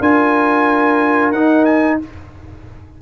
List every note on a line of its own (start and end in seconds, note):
0.00 1.32 D4
0.00 1.34 F4
0.00 1.99 A#4
0.00 1.32 G#5
1.32 1.98 D#4
1.32 2.02 D#4
1.32 1.65 F#5
1.65 1.98 G#5